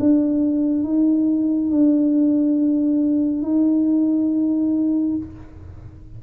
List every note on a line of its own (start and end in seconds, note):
0.00 0.84 D4
0.84 1.71 D#4
1.71 3.43 D4
3.43 5.17 D#4